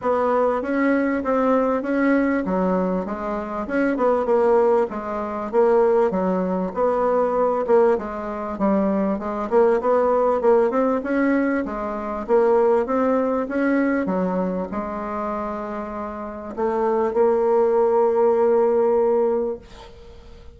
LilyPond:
\new Staff \with { instrumentName = "bassoon" } { \time 4/4 \tempo 4 = 98 b4 cis'4 c'4 cis'4 | fis4 gis4 cis'8 b8 ais4 | gis4 ais4 fis4 b4~ | b8 ais8 gis4 g4 gis8 ais8 |
b4 ais8 c'8 cis'4 gis4 | ais4 c'4 cis'4 fis4 | gis2. a4 | ais1 | }